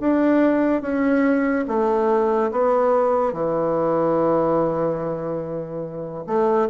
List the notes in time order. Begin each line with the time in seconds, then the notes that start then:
0.00 D4
0.81 C#4
1.67 A3
2.51 B3
3.33 E3
6.26 A3